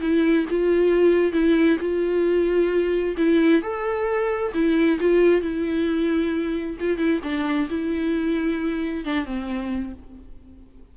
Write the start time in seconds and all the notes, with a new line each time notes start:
0.00 E4
0.50 F4
1.32 E4
1.80 F4
3.17 E4
3.62 A4
4.54 E4
5.00 F4
5.41 E4
6.80 F4
6.97 E4
7.23 D4
7.69 E4
9.05 D4
9.25 C4